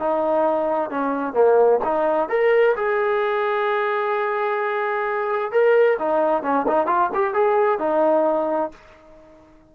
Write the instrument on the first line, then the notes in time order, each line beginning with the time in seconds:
trombone
0.00 D#4
0.91 C#4
1.34 A#3
1.85 D#4
2.30 A#4
2.77 G#4
5.52 A#4
5.99 D#4
6.43 C#4
6.68 D#4
6.87 F4
7.15 G4
7.34 G#4
7.80 D#4